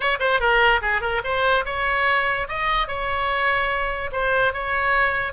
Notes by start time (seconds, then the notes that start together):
0.00 C#5
0.19 C5
0.39 A#4
0.81 G#4
1.01 A#4
1.23 C5
1.65 C#5
2.48 D#5
2.87 C#5
4.12 C5
4.53 C#5